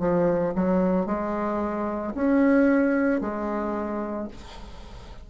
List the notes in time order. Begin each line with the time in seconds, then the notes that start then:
0.00 F3
0.55 F#3
1.06 G#3
2.15 C#4
3.21 G#3